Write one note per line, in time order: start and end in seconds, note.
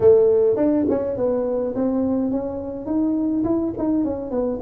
0.00 0.56 A3
0.56 0.85 D4
0.89 1.17 C#4
1.17 1.74 B3
1.75 2.31 C4
2.31 2.86 C#4
2.86 3.43 D#4
3.44 3.73 E4
3.78 4.04 D#4
4.04 4.31 C#4
4.31 4.59 B3